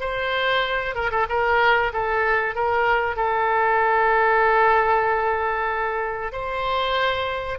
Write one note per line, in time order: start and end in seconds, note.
0.00 0.95 C5
0.95 1.11 A#4
1.11 1.26 A4
1.29 1.92 A#4
1.93 2.55 A4
2.55 3.16 A#4
3.16 6.32 A4
6.32 7.58 C5